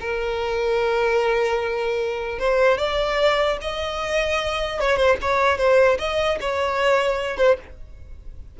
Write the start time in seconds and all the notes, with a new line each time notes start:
0.00 A#4
2.39 C5
2.78 D5
3.61 D#5
4.80 C#5
4.96 C5
5.21 C#5
5.58 C5
5.99 D#5
6.40 C#5
7.37 C5